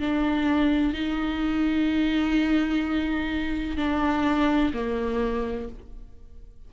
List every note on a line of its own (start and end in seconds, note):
0.00 0.94 D4
0.94 3.77 D#4
3.77 4.72 D4
4.73 5.69 A#3